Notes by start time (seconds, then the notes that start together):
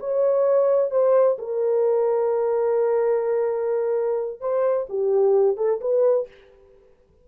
0.00 C#5
0.91 C5
1.39 A#4
4.41 C5
4.90 G4
5.57 A4
5.81 B4